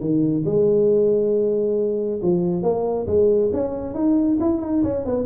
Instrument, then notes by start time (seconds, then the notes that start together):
tuba
0.00 D#3
0.45 G#3
2.22 F3
2.62 A#3
3.07 G#3
3.53 C#4
3.94 D#4
4.40 E4
4.61 D#4
4.83 C#4
5.05 B3